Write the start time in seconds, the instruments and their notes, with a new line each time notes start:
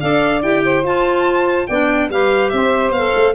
0.00 tuba D4, clarinet A4, saxophone D5, violin F5
0.42 tuba E4, clarinet G4, violin G5
0.63 saxophone C5
0.83 tuba F4, clarinet F4, violin A5
1.66 tuba B3, clarinet D4, saxophone D5, violin G5
2.09 tuba G3, clarinet G4, saxophone B4, violin F5
2.49 tuba C4, violin E5
2.55 saxophone C5
2.90 tuba B3, clarinet A4, violin F5
3.15 tuba A3